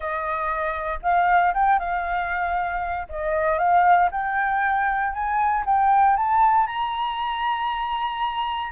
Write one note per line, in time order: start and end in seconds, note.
0.00 0.99 D#5
1.02 1.53 F5
1.54 1.79 G5
1.79 3.07 F5
3.09 3.58 D#5
3.58 4.09 F5
4.11 5.12 G5
5.12 5.64 G#5
5.65 6.16 G5
6.16 6.67 A5
6.67 8.72 A#5